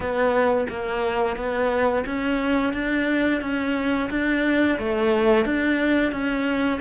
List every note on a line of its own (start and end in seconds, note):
0.00 0.67 B3
0.69 1.36 A#3
1.36 2.04 B3
2.05 2.73 C#4
2.73 3.41 D4
3.41 4.09 C#4
4.10 4.78 D4
4.79 5.45 A3
5.45 6.11 D4
6.11 6.80 C#4